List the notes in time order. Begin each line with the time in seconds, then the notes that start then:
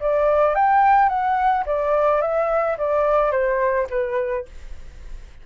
0.00 D5
0.55 G5
1.09 F#5
1.66 D5
2.21 E5
2.78 D5
3.31 C5
3.90 B4